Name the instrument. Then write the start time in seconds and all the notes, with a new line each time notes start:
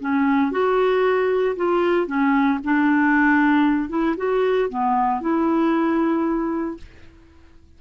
clarinet
0.00 C#4
0.51 F#4
1.56 F4
2.06 C#4
2.63 D4
3.89 E4
4.17 F#4
4.69 B3
5.20 E4